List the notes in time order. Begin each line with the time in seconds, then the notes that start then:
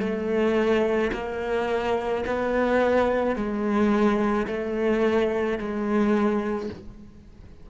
0.00 A3
1.14 A#3
2.26 B3
3.36 G#3
4.47 A3
5.59 G#3